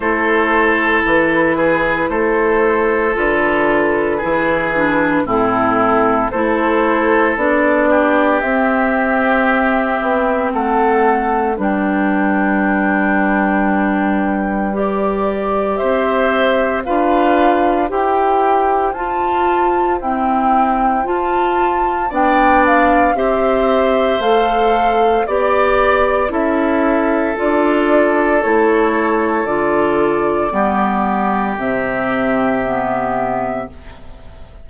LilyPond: <<
  \new Staff \with { instrumentName = "flute" } { \time 4/4 \tempo 4 = 57 c''4 b'4 c''4 b'4~ | b'4 a'4 c''4 d''4 | e''2 fis''4 g''4~ | g''2 d''4 e''4 |
f''4 g''4 a''4 g''4 | a''4 g''8 f''8 e''4 f''4 | d''4 e''4 d''4 cis''4 | d''2 e''2 | }
  \new Staff \with { instrumentName = "oboe" } { \time 4/4 a'4. gis'8 a'2 | gis'4 e'4 a'4. g'8~ | g'2 a'4 b'4~ | b'2. c''4 |
b'4 c''2.~ | c''4 d''4 c''2 | d''4 a'2.~ | a'4 g'2. | }
  \new Staff \with { instrumentName = "clarinet" } { \time 4/4 e'2. f'4 | e'8 d'8 c'4 e'4 d'4 | c'2. d'4~ | d'2 g'2 |
f'4 g'4 f'4 c'4 | f'4 d'4 g'4 a'4 | g'4 e'4 f'4 e'4 | f'4 b4 c'4 b4 | }
  \new Staff \with { instrumentName = "bassoon" } { \time 4/4 a4 e4 a4 d4 | e4 a,4 a4 b4 | c'4. b8 a4 g4~ | g2. c'4 |
d'4 e'4 f'4 e'4 | f'4 b4 c'4 a4 | b4 cis'4 d'4 a4 | d4 g4 c2 | }
>>